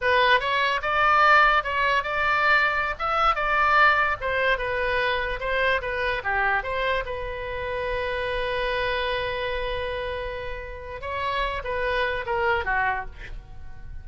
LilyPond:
\new Staff \with { instrumentName = "oboe" } { \time 4/4 \tempo 4 = 147 b'4 cis''4 d''2 | cis''4 d''2~ d''16 e''8.~ | e''16 d''2 c''4 b'8.~ | b'4~ b'16 c''4 b'4 g'8.~ |
g'16 c''4 b'2~ b'8.~ | b'1~ | b'2. cis''4~ | cis''8 b'4. ais'4 fis'4 | }